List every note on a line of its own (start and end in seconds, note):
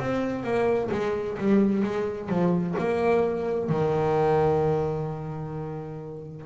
0.00 0.44 C4
0.44 0.90 A#3
0.92 1.38 G#3
1.39 1.83 G3
1.83 2.30 G#3
2.30 2.76 F3
2.79 3.70 A#3
3.70 6.47 D#3